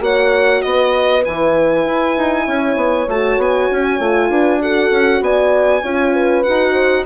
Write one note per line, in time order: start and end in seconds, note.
0.00 0.62 A#3
0.00 1.22 F#4
0.00 0.64 C#5
0.00 0.62 F#5
0.62 1.27 B3
0.62 2.45 B4
0.62 1.23 D#5
1.25 1.86 E3
1.25 3.09 E4
1.25 3.09 G#5
1.86 2.17 E4
2.18 2.48 D#4
2.45 2.76 C#4
2.45 4.29 C#5
2.76 3.07 B3
3.08 3.38 A3
3.08 4.00 F#4
3.08 3.41 A5
3.38 3.69 B3
3.38 4.62 G#5
3.72 4.00 C#4
4.00 4.30 A3
4.00 4.60 F4
4.30 4.91 D4
4.30 4.61 B4
4.60 5.82 F#4
4.60 5.23 A4
4.60 5.23 F#5
4.92 5.21 C#4
5.21 5.83 B3
5.21 5.83 D5
5.21 6.43 G#5
5.83 6.45 C#4
5.83 6.45 F4
5.83 6.14 C#5
6.14 6.73 B4
6.43 7.06 D#4
6.43 7.06 F#4
6.43 7.05 F#5
6.73 7.04 C5